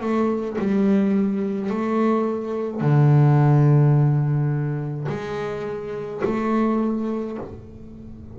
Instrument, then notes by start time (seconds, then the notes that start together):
double bass
0.00 A3
0.58 G3
1.70 A3
2.81 D3
5.09 G#3
6.24 A3